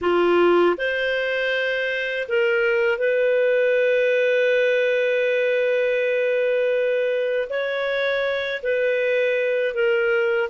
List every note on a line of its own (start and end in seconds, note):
0.01 0.76 F4
0.77 2.27 C5
2.28 2.98 A#4
2.98 7.48 B4
7.49 8.62 C#5
8.62 9.74 B4
9.74 10.49 A#4